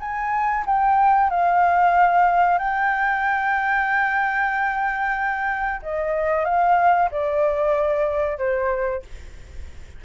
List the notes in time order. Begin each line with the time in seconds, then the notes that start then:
0.00 G#5
0.66 G5
1.30 F5
2.59 G5
5.82 D#5
6.45 F5
7.11 D5
8.38 C5